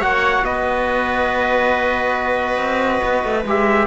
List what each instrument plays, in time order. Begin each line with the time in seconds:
0.00 cello A#3, trombone F#4, viola C#5, trumpet F#5
0.44 cello B3, viola B4, trumpet D#5
2.58 cello C4
3.04 cello B3
3.24 cello A3
3.45 cello G#3, trombone G4, trumpet E5